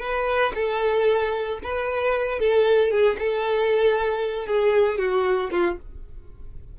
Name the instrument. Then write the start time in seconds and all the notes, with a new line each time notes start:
violin
0.00 B4
0.55 A4
1.63 B4
2.39 A4
2.91 G#4
3.19 A4
4.46 G#4
4.98 F#4
5.51 F4